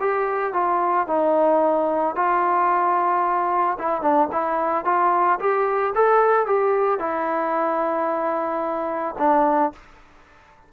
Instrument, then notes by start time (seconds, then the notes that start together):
trombone
0.00 G4
0.53 F4
1.07 D#4
2.15 F4
3.79 E4
4.01 D4
4.32 E4
4.85 F4
5.39 G4
5.95 A4
6.46 G4
6.99 E4
9.18 D4